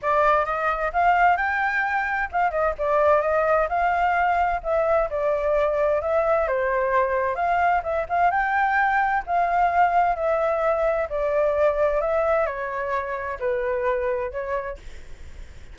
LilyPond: \new Staff \with { instrumentName = "flute" } { \time 4/4 \tempo 4 = 130 d''4 dis''4 f''4 g''4~ | g''4 f''8 dis''8 d''4 dis''4 | f''2 e''4 d''4~ | d''4 e''4 c''2 |
f''4 e''8 f''8 g''2 | f''2 e''2 | d''2 e''4 cis''4~ | cis''4 b'2 cis''4 | }